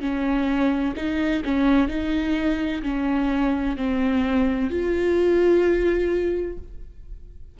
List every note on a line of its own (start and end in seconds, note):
0.00 0.94 C#4
0.96 1.43 D#4
1.44 1.88 C#4
1.88 2.82 D#4
2.83 3.76 C#4
3.76 4.70 C4
4.70 6.58 F4